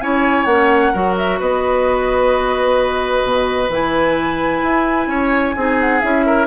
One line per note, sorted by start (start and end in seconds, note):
0.00 0.45 C#4
0.00 0.48 E4
0.00 0.93 C#5
0.00 0.45 G#5
0.45 0.92 A#3
0.45 0.94 C#4
0.45 1.14 F#5
0.93 1.40 F#3
0.93 3.71 F#4
0.93 1.39 A#4
1.17 1.40 E5
1.40 3.24 B3
1.40 5.09 B4
1.40 3.72 D#5
3.24 3.69 B2
3.69 4.61 E3
3.69 5.56 E4
3.69 5.80 G#5
4.63 5.07 E4
5.07 5.53 C#4
5.07 5.55 C#5
5.56 6.02 C4
5.56 6.02 D#4
5.56 6.26 G#4
5.80 6.00 F#5
6.00 6.47 C#4
6.00 6.47 E4
6.00 6.47 E5
6.26 6.47 A#4